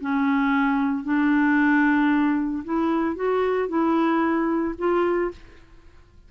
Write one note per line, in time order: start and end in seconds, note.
0.00 1.04 C#4
1.04 2.63 D4
2.64 3.15 E4
3.15 3.68 F#4
3.68 4.74 E4
4.78 5.31 F4